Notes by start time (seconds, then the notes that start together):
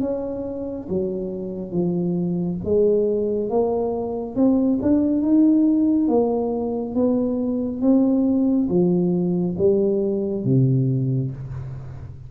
0.00 C#4
0.89 F#3
1.72 F3
2.64 G#3
3.49 A#3
4.36 C4
4.82 D4
5.22 D#4
6.08 A#3
6.94 B3
7.81 C4
8.69 F3
9.58 G3
10.44 C3